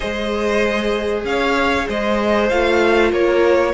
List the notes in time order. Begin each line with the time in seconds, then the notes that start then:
0.00 G#3 G#4 C5 D#5
1.24 C#4 C#5 F5
1.88 G#3 C5 D#5
2.49 A3 F4 F5
3.11 A#3 A#4 C#5